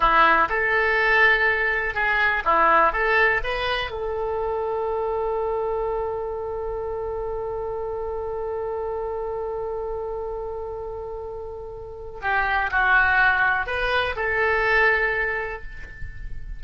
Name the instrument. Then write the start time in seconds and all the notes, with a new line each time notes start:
oboe
0.00 E4
0.49 A4
1.94 G#4
2.44 E4
2.92 A4
3.43 B4
3.90 A4
12.21 G4
12.71 F#4
13.66 B4
14.16 A4